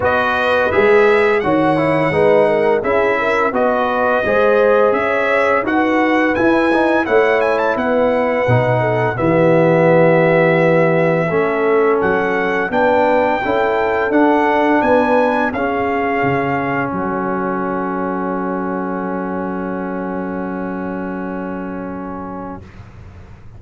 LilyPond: <<
  \new Staff \with { instrumentName = "trumpet" } { \time 4/4 \tempo 4 = 85 dis''4 e''4 fis''2 | e''4 dis''2 e''4 | fis''4 gis''4 fis''8 gis''16 a''16 fis''4~ | fis''4 e''2.~ |
e''4 fis''4 g''2 | fis''4 gis''4 f''2 | fis''1~ | fis''1 | }
  \new Staff \with { instrumentName = "horn" } { \time 4/4 b'2 cis''4 b'8 ais'8 | gis'8 ais'8 b'4 c''4 cis''4 | b'2 cis''4 b'4~ | b'8 a'8 g'2. |
a'2 b'4 a'4~ | a'4 b'4 gis'2 | a'1~ | a'1 | }
  \new Staff \with { instrumentName = "trombone" } { \time 4/4 fis'4 gis'4 fis'8 e'8 dis'4 | e'4 fis'4 gis'2 | fis'4 e'8 dis'8 e'2 | dis'4 b2. |
cis'2 d'4 e'4 | d'2 cis'2~ | cis'1~ | cis'1 | }
  \new Staff \with { instrumentName = "tuba" } { \time 4/4 b4 gis4 dis4 gis4 | cis'4 b4 gis4 cis'4 | dis'4 e'4 a4 b4 | b,4 e2. |
a4 fis4 b4 cis'4 | d'4 b4 cis'4 cis4 | fis1~ | fis1 | }
>>